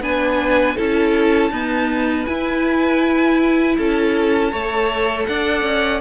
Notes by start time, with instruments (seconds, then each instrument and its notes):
0.00 cello B3, viola D4, violin B4 G#5
0.75 cello C#4, viola E4, violin A4 A5
1.50 viola B3, cello D#4, violin B4
2.26 viola E4, cello E4, violin G#5
3.77 cello C#4, violin A4 A5
4.52 cello A3, viola A4, violin C#5
5.26 cello D4, violin D5 F#5
5.63 cello C#4